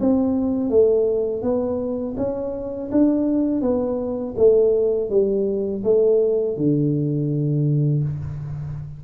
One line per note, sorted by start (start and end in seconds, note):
0.00 0.69 C4
0.69 1.42 A3
1.42 2.15 B3
2.17 2.90 C#4
2.91 3.61 D4
3.61 4.34 B3
4.37 5.10 A3
5.10 5.83 G3
5.83 6.57 A3
6.57 8.03 D3